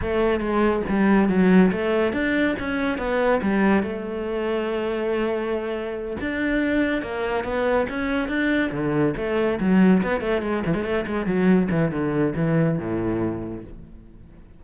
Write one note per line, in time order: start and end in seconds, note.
0.01 0.40 A3
0.40 0.82 G#3
0.88 1.28 G3
1.28 1.71 F#3
1.71 2.12 A3
2.12 2.55 D4
2.59 2.98 C#4
2.98 3.40 B3
3.42 3.82 G3
3.82 6.16 A3
6.20 7.02 D4
7.02 7.44 A#3
7.44 7.86 B3
7.89 8.28 C#4
8.28 8.70 D4
8.71 9.14 D3
9.16 9.59 A3
9.60 10.02 F#3
10.03 10.21 B3
10.21 10.42 A3
10.42 10.63 G#3
10.66 10.74 E3
10.74 10.84 G#3
10.84 11.05 A3
11.07 11.26 G#3
11.26 11.68 F#3
11.70 11.91 E3
11.91 12.33 D3
12.35 12.78 E3
12.78 13.63 A2